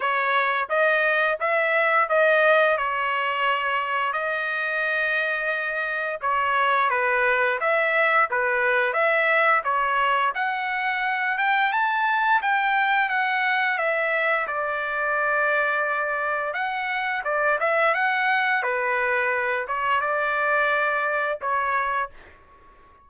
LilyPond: \new Staff \with { instrumentName = "trumpet" } { \time 4/4 \tempo 4 = 87 cis''4 dis''4 e''4 dis''4 | cis''2 dis''2~ | dis''4 cis''4 b'4 e''4 | b'4 e''4 cis''4 fis''4~ |
fis''8 g''8 a''4 g''4 fis''4 | e''4 d''2. | fis''4 d''8 e''8 fis''4 b'4~ | b'8 cis''8 d''2 cis''4 | }